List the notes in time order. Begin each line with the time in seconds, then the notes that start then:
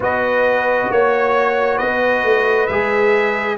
0.00 B3 F#4 B4 D#5
0.90 A#3 C#5
1.76 B3 B4 D#5
2.24 A3
2.66 G#3 G#4 E5